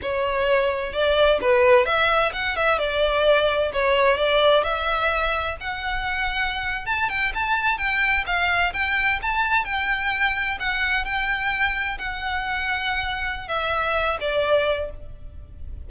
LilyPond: \new Staff \with { instrumentName = "violin" } { \time 4/4 \tempo 4 = 129 cis''2 d''4 b'4 | e''4 fis''8 e''8 d''2 | cis''4 d''4 e''2 | fis''2~ fis''8. a''8 g''8 a''16~ |
a''8. g''4 f''4 g''4 a''16~ | a''8. g''2 fis''4 g''16~ | g''4.~ g''16 fis''2~ fis''16~ | fis''4 e''4. d''4. | }